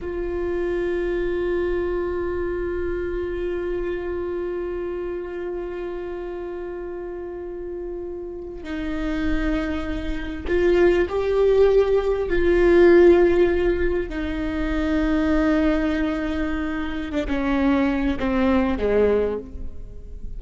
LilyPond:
\new Staff \with { instrumentName = "viola" } { \time 4/4 \tempo 4 = 99 f'1~ | f'1~ | f'1~ | f'2~ f'16 dis'4.~ dis'16~ |
dis'4~ dis'16 f'4 g'4.~ g'16~ | g'16 f'2. dis'8.~ | dis'1~ | dis'16 d'16 cis'4. c'4 gis4 | }